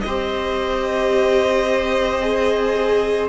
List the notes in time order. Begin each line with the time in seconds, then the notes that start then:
0.00 C4 C5 D#5
0.07 G4
2.21 G#4